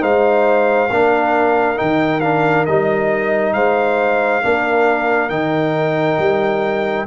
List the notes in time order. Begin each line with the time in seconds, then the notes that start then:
0.00 G#3 D#4 C5 F5
0.90 A#3 D4 A#4
1.76 D#3 D#4 G5
2.20 D4 F5
2.65 G3 D#4 D#5
3.53 G#3 C5 F5
4.42 A#3 D4 A#4
5.29 D#3 D#4 G5
6.19 G3